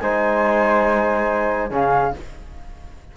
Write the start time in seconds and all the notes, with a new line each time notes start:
0.00 G#3 D#4 C5 G#5
1.70 C#3 C#4 G#4 F5